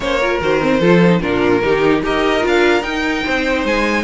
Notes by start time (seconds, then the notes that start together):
0.00 A#3 C#4 C5 C#5
0.20 F4 A#4
0.41 D#3 F#4 C5
0.60 C4
0.79 F3 F4 A4
1.05 D#4
1.21 A#2 D4 F4 A#4
1.63 D#3 D#4 G4
2.02 D#4 G4 A#4 D#5
2.40 D4 F4
2.47 F5
2.82 D#4 G5
3.23 C4 C5
3.64 G#3 G#5